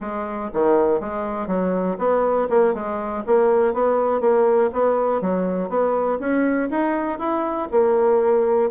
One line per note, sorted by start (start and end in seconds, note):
0.00 0.50 G#3
0.53 1.00 D#3
1.00 1.47 G#3
1.47 1.97 F#3
1.98 2.47 B3
2.49 2.73 A#3
2.73 3.23 G#3
3.26 3.73 A#3
3.73 4.20 B3
4.20 4.70 A#3
4.72 5.21 B3
5.21 5.69 F#3
5.69 6.18 B3
6.19 6.69 C#4
6.70 7.19 D#4
7.19 7.68 E4
7.71 8.70 A#3